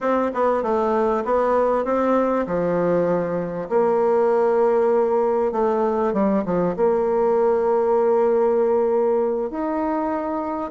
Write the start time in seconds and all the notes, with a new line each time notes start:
0.00 C4
0.34 B3
0.62 A3
1.24 B3
1.84 C4
2.46 F3
3.69 A#3
5.51 A3
6.13 G3
6.45 F3
6.76 A#3
9.50 D#4